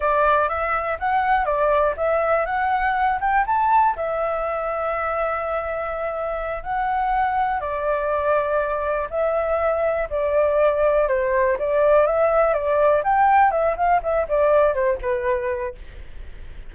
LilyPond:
\new Staff \with { instrumentName = "flute" } { \time 4/4 \tempo 4 = 122 d''4 e''4 fis''4 d''4 | e''4 fis''4. g''8 a''4 | e''1~ | e''4. fis''2 d''8~ |
d''2~ d''8 e''4.~ | e''8 d''2 c''4 d''8~ | d''8 e''4 d''4 g''4 e''8 | f''8 e''8 d''4 c''8 b'4. | }